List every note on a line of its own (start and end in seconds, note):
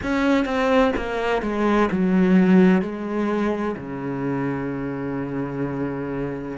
0.03 0.45 C#4
0.45 0.92 C4
0.96 1.42 A#3
1.42 1.89 G#3
1.90 2.81 F#3
2.81 3.75 G#3
3.76 6.57 C#3